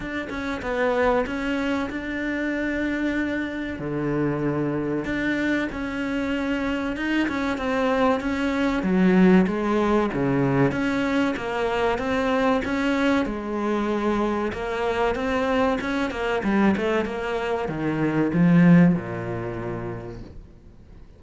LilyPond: \new Staff \with { instrumentName = "cello" } { \time 4/4 \tempo 4 = 95 d'8 cis'8 b4 cis'4 d'4~ | d'2 d2 | d'4 cis'2 dis'8 cis'8 | c'4 cis'4 fis4 gis4 |
cis4 cis'4 ais4 c'4 | cis'4 gis2 ais4 | c'4 cis'8 ais8 g8 a8 ais4 | dis4 f4 ais,2 | }